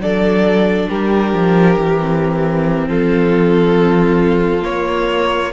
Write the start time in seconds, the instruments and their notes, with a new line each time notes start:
0.00 cello F#3, viola D4, violin A4 D5
0.90 cello G3, violin G4 A#4
1.34 cello F3
1.78 cello E3
1.99 viola C4
2.88 cello F3, violin F4 A4
4.62 viola A#3, cello A#3, violin C#5